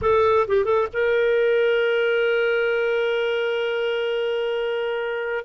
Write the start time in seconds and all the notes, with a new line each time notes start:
0.01 A4
0.47 G4
0.64 A4
0.93 A#4